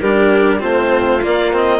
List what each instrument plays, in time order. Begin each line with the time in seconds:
0.00 bassoon G3, cello D4, violin G4, clarinet A#4
0.59 bassoon A3, cello C4, violin F4, clarinet C5
1.22 cello A#3, bassoon A#3, clarinet D5
1.53 cello C4, clarinet D#5